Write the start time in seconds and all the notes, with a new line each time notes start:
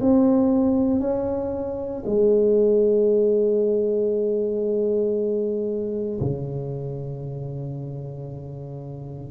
0.00 C4
1.00 C#4
2.05 G#3
6.20 C#3